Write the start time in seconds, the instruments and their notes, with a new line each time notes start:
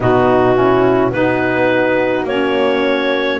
0.00 double bass B2, saxophone B3, horn D#4, clarinet F#4
0.55 saxophone C#4, horn E4
1.11 double bass B3, saxophone D#4, horn F#4, clarinet B4
2.24 double bass A#3, saxophone C#4, clarinet C#5